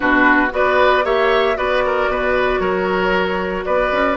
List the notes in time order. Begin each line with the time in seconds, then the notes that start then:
0.00 B2 D4 F#4 B4
0.50 B3 F#4 B4 D5
1.03 A#3 G4 C#5 E5
1.55 B3 F#4 B4 D5
1.85 A#4
2.07 B2 B4
2.59 F#3 A#4 C#5
3.65 B3 B4 D5
3.92 C#4